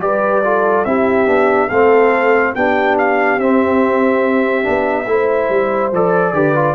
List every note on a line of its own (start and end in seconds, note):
0.00 0.85 G3
0.00 0.43 G4
0.00 0.45 B4
0.00 0.85 D5
0.45 0.86 F4
0.45 0.87 A4
0.85 1.27 C4
0.85 1.27 E4
0.85 1.69 G4
0.85 1.70 E5
1.27 1.70 B3
1.27 1.69 D4
1.69 2.55 A3
1.69 2.57 C4
1.69 2.53 A4
1.69 2.54 F5
2.55 3.39 B3
2.55 3.40 D4
2.55 5.10 G4
2.55 2.98 G5
2.99 3.40 F5
3.39 4.65 C4
3.39 4.63 C4
3.39 5.93 E5
4.63 5.07 B3
4.63 5.06 D4
5.07 5.49 A3
5.07 5.92 E4
5.07 6.35 C5
5.50 5.92 G3
5.92 6.33 F3
5.92 6.35 A4
5.92 6.76 D5
6.33 6.76 D3
6.33 6.56 G4
6.33 6.76 B4
6.56 6.76 F4